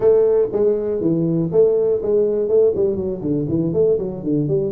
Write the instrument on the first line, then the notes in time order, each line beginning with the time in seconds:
tuba
0.00 A3
0.52 G#3
1.00 E3
1.51 A3
2.02 G#3
2.48 A3
2.75 G3
2.95 F#3
3.21 D3
3.48 E3
3.73 A3
3.98 F#3
4.23 D3
4.48 G3